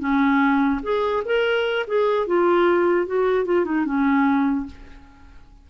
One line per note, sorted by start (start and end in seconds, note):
0.00 0.81 C#4
0.83 1.24 G#4
1.26 1.86 A#4
1.88 2.27 G#4
2.27 3.07 F4
3.07 3.46 F#4
3.46 3.65 F4
3.65 3.86 D#4
3.86 4.67 C#4